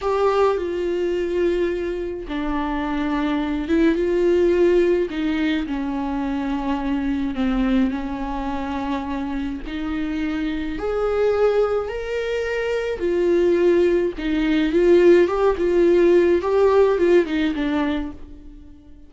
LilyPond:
\new Staff \with { instrumentName = "viola" } { \time 4/4 \tempo 4 = 106 g'4 f'2. | d'2~ d'8 e'8 f'4~ | f'4 dis'4 cis'2~ | cis'4 c'4 cis'2~ |
cis'4 dis'2 gis'4~ | gis'4 ais'2 f'4~ | f'4 dis'4 f'4 g'8 f'8~ | f'4 g'4 f'8 dis'8 d'4 | }